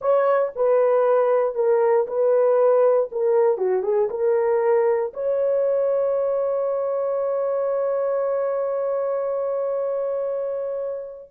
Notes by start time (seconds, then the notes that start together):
0.01 C#5
0.55 B4
1.55 A#4
2.07 B4
3.11 A#4
3.57 F#4
3.83 G#4
4.10 A#4
5.13 C#5